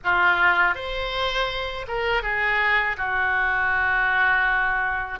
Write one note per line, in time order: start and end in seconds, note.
0.04 0.74 F4
0.74 1.86 C5
1.87 2.22 A#4
2.22 2.96 G#4
2.97 5.19 F#4